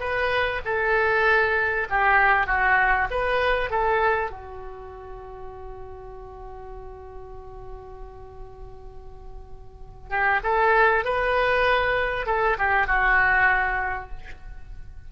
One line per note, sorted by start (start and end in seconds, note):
0.00 0.61 B4
0.65 1.88 A4
1.90 2.47 G4
2.47 3.08 F#4
3.11 3.70 B4
3.70 4.31 A4
4.31 10.10 F#4
10.10 10.40 G4
10.43 11.05 A4
11.05 12.26 B4
12.26 12.57 A4
12.58 12.87 G4
12.87 14.09 F#4